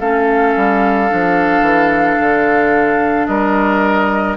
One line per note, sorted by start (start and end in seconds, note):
0.00 0.55 A3
0.00 1.09 C#4
0.00 3.27 A4
0.00 3.27 F5
0.56 1.11 G3
1.09 1.61 F3
1.09 4.37 D4
1.61 2.16 E3
2.20 3.28 D3
3.27 4.37 G3
3.27 4.37 A#4
3.27 4.36 D#5